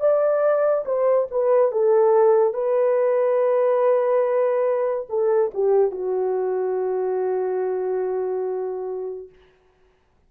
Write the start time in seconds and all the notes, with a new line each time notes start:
0.00 D5
0.85 C5
1.31 B4
1.72 A4
2.54 B4
5.09 A4
5.54 G4
5.92 F#4